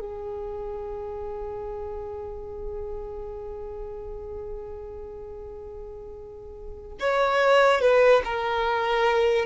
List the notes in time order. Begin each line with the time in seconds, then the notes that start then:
0.00 G#4
7.00 C#5
7.82 B4
8.25 A#4